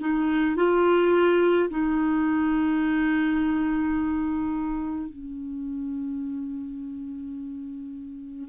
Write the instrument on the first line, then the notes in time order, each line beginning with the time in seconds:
clarinet
0.00 D#4
0.56 F4
1.69 D#4
5.09 C#4